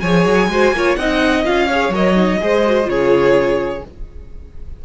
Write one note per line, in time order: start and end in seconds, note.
0.00 0.26 F3
0.00 0.51 G#4
0.00 0.49 C#5
0.00 0.95 G#5
0.26 0.48 F#3
0.48 0.72 G#3
0.48 0.74 F#4
0.48 0.75 C5
0.72 0.96 A#3
0.72 0.98 F4
0.72 0.99 C#5
0.96 1.45 C4
0.96 1.45 D#4
0.96 1.68 D#5
0.96 1.44 F#5
1.45 1.89 C#4
1.45 1.68 F4
1.45 1.93 F5
1.68 1.94 G#4
1.68 2.39 C#5
1.89 2.37 F#3
1.89 2.15 A#4
1.89 2.89 D#5
2.15 2.39 D#4
2.41 2.87 G#3
2.41 2.65 G#4
2.41 2.90 C5
2.66 2.84 F#4
2.84 3.82 C#3
2.84 3.79 F4
2.84 3.85 C#5
2.90 3.85 G#4